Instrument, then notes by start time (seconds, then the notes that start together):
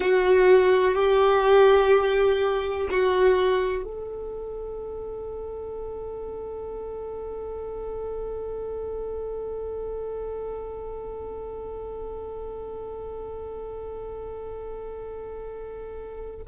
violin
0.00 F#4
0.94 G4
2.90 F#4
3.84 A4